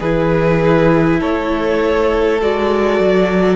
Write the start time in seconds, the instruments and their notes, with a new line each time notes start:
0.00 cello E3, viola E4, violin G#4 B4
1.20 cello A3, violin A4 C#5
2.41 cello G#3, viola F#4, violin D5
3.00 cello F#3